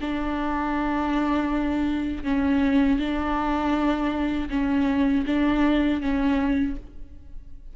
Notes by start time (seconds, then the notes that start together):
0.00 D4
2.23 C#4
2.99 D4
4.50 C#4
5.26 D4
6.01 C#4